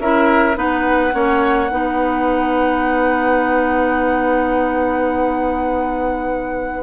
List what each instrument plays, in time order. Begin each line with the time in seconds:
0.00 bassoon C#4, clarinet E4, oboe A#4, flute E5
0.55 bassoon B3, clarinet D#4, oboe B4, flute F#5
1.12 bassoon A#3, clarinet C#4, oboe C#5
1.71 bassoon B3, clarinet D#4, oboe B4